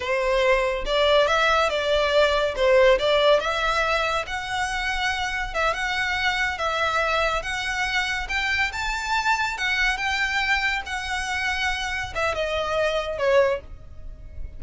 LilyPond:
\new Staff \with { instrumentName = "violin" } { \time 4/4 \tempo 4 = 141 c''2 d''4 e''4 | d''2 c''4 d''4 | e''2 fis''2~ | fis''4 e''8 fis''2 e''8~ |
e''4. fis''2 g''8~ | g''8 a''2 fis''4 g''8~ | g''4. fis''2~ fis''8~ | fis''8 e''8 dis''2 cis''4 | }